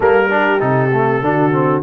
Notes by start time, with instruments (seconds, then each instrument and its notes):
0.00 tuba G3, trombone A#3, horn A4, trumpet A#4
0.29 trombone D4, horn G4
0.60 tuba C3, trombone D#4, trumpet A4
0.92 trombone A3
1.22 tuba D3, trombone D4, horn F#4
1.51 trombone C4